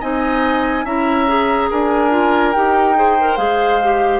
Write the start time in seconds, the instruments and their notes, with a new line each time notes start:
0.00 bassoon C4, clarinet D#4, oboe D#5, flute G#5
0.85 bassoon C#4, clarinet E4, oboe E5, flute A#5
1.28 clarinet G#4
1.70 bassoon D4, oboe A#4, flute G#5
2.10 clarinet F4
2.52 bassoon D#4, clarinet G4, flute G5
2.96 clarinet G#4, oboe C5
3.20 clarinet A#4
3.36 bassoon G#3, clarinet G#4, flute F5
3.83 clarinet G4